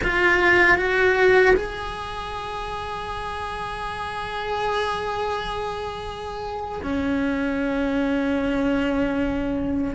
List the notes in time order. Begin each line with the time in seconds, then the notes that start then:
0.03 F4
0.77 F#4
1.55 G#4
6.83 C#4